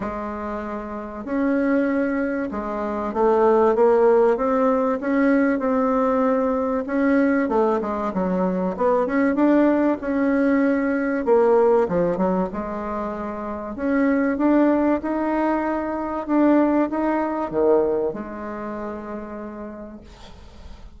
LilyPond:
\new Staff \with { instrumentName = "bassoon" } { \time 4/4 \tempo 4 = 96 gis2 cis'2 | gis4 a4 ais4 c'4 | cis'4 c'2 cis'4 | a8 gis8 fis4 b8 cis'8 d'4 |
cis'2 ais4 f8 fis8 | gis2 cis'4 d'4 | dis'2 d'4 dis'4 | dis4 gis2. | }